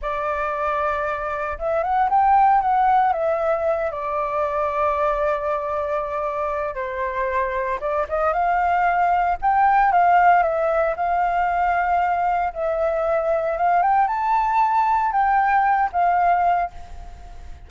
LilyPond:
\new Staff \with { instrumentName = "flute" } { \time 4/4 \tempo 4 = 115 d''2. e''8 fis''8 | g''4 fis''4 e''4. d''8~ | d''1~ | d''4 c''2 d''8 dis''8 |
f''2 g''4 f''4 | e''4 f''2. | e''2 f''8 g''8 a''4~ | a''4 g''4. f''4. | }